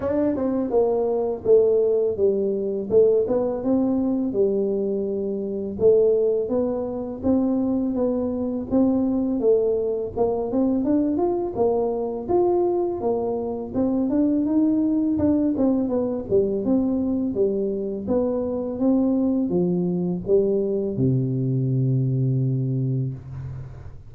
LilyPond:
\new Staff \with { instrumentName = "tuba" } { \time 4/4 \tempo 4 = 83 d'8 c'8 ais4 a4 g4 | a8 b8 c'4 g2 | a4 b4 c'4 b4 | c'4 a4 ais8 c'8 d'8 f'8 |
ais4 f'4 ais4 c'8 d'8 | dis'4 d'8 c'8 b8 g8 c'4 | g4 b4 c'4 f4 | g4 c2. | }